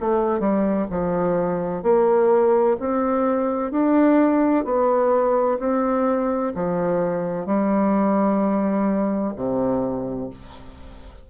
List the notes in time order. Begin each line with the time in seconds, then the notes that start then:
0.00 A3
0.40 G3
0.90 F3
1.83 A#3
2.80 C4
3.71 D4
4.64 B3
5.59 C4
6.55 F3
7.46 G3
9.36 C3